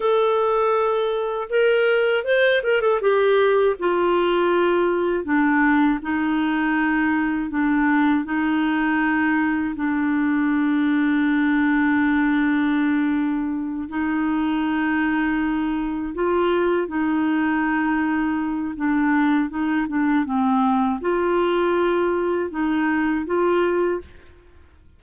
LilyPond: \new Staff \with { instrumentName = "clarinet" } { \time 4/4 \tempo 4 = 80 a'2 ais'4 c''8 ais'16 a'16 | g'4 f'2 d'4 | dis'2 d'4 dis'4~ | dis'4 d'2.~ |
d'2~ d'8 dis'4.~ | dis'4. f'4 dis'4.~ | dis'4 d'4 dis'8 d'8 c'4 | f'2 dis'4 f'4 | }